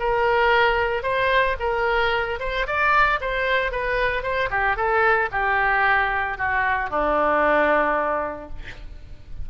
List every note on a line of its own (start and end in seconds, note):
0.00 1.03 A#4
1.03 1.56 C5
1.60 2.39 A#4
2.40 2.67 C5
2.67 3.20 D5
3.21 3.72 C5
3.72 4.23 B4
4.23 4.50 C5
4.51 4.77 G4
4.77 5.30 A4
5.32 6.38 G4
6.38 6.91 F#4
6.91 8.50 D4